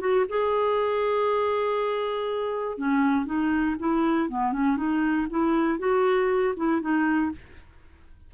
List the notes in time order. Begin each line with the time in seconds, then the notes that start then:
0.00 F#4
0.29 G#4
2.78 C#4
3.26 D#4
3.79 E4
4.29 B3
4.53 C#4
4.77 D#4
5.30 E4
5.79 F#4
6.57 E4
6.82 D#4